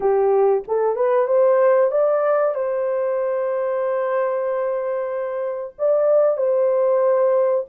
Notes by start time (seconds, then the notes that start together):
0.00 G4
0.67 A4
0.95 B4
1.27 C5
1.91 D5
2.54 C5
5.78 D5
6.37 C5